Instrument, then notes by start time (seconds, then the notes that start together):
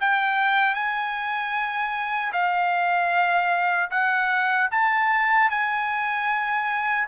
trumpet
0.00 G5
0.74 G#5
2.32 F5
3.90 F#5
4.71 A5
5.50 G#5